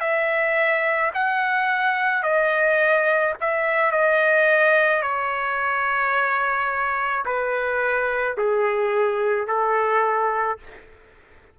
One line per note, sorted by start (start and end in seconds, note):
0.00 1.11 E5
1.14 2.23 F#5
2.23 3.34 D#5
3.40 3.91 E5
3.91 5.02 D#5
5.02 7.24 C#5
7.25 8.36 B4
8.37 9.47 G#4
9.47 10.58 A4